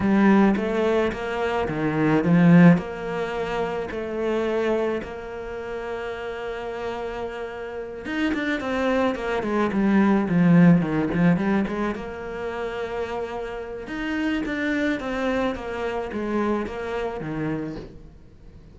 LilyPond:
\new Staff \with { instrumentName = "cello" } { \time 4/4 \tempo 4 = 108 g4 a4 ais4 dis4 | f4 ais2 a4~ | a4 ais2.~ | ais2~ ais8 dis'8 d'8 c'8~ |
c'8 ais8 gis8 g4 f4 dis8 | f8 g8 gis8 ais2~ ais8~ | ais4 dis'4 d'4 c'4 | ais4 gis4 ais4 dis4 | }